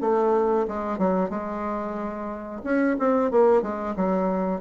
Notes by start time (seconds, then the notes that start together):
0.00 A3
0.67 G#3
0.98 F#3
1.29 G#3
2.63 C#4
2.99 C4
3.31 A#3
3.62 G#3
3.96 F#3